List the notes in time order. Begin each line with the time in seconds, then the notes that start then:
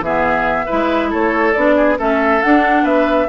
0.00 E3 B3 G#4 E5
0.66 E4 B4
0.72 G#3
1.10 A3 A4 C#5
1.53 B3 D4 D5
1.76 G#4
1.98 A3 C#4 A4 E5
2.42 D4 F#5
2.83 B3 B4 E5